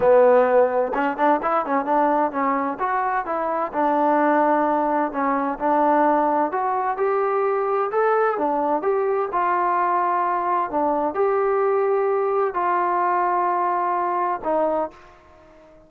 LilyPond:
\new Staff \with { instrumentName = "trombone" } { \time 4/4 \tempo 4 = 129 b2 cis'8 d'8 e'8 cis'8 | d'4 cis'4 fis'4 e'4 | d'2. cis'4 | d'2 fis'4 g'4~ |
g'4 a'4 d'4 g'4 | f'2. d'4 | g'2. f'4~ | f'2. dis'4 | }